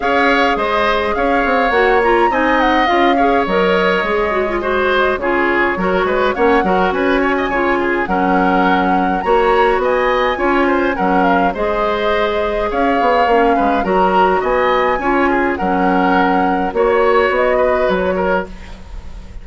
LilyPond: <<
  \new Staff \with { instrumentName = "flute" } { \time 4/4 \tempo 4 = 104 f''4 dis''4 f''4 fis''8 ais''8 | gis''8 fis''8 f''4 dis''2~ | dis''4 cis''2 fis''4 | gis''2 fis''2 |
ais''4 gis''2 fis''8 f''8 | dis''2 f''2 | ais''4 gis''2 fis''4~ | fis''4 cis''4 dis''4 cis''4 | }
  \new Staff \with { instrumentName = "oboe" } { \time 4/4 cis''4 c''4 cis''2 | dis''4. cis''2~ cis''8 | c''4 gis'4 ais'8 b'8 cis''8 ais'8 | b'8 cis''16 dis''16 cis''8 gis'8 ais'2 |
cis''4 dis''4 cis''8 c''8 ais'4 | c''2 cis''4. b'8 | ais'4 dis''4 cis''8 gis'8 ais'4~ | ais'4 cis''4. b'4 ais'8 | }
  \new Staff \with { instrumentName = "clarinet" } { \time 4/4 gis'2. fis'8 f'8 | dis'4 f'8 gis'8 ais'4 gis'8 fis'16 f'16 | fis'4 f'4 fis'4 cis'8 fis'8~ | fis'4 f'4 cis'2 |
fis'2 f'4 cis'4 | gis'2. cis'4 | fis'2 f'4 cis'4~ | cis'4 fis'2. | }
  \new Staff \with { instrumentName = "bassoon" } { \time 4/4 cis'4 gis4 cis'8 c'8 ais4 | c'4 cis'4 fis4 gis4~ | gis4 cis4 fis8 gis8 ais8 fis8 | cis'4 cis4 fis2 |
ais4 b4 cis'4 fis4 | gis2 cis'8 b8 ais8 gis8 | fis4 b4 cis'4 fis4~ | fis4 ais4 b4 fis4 | }
>>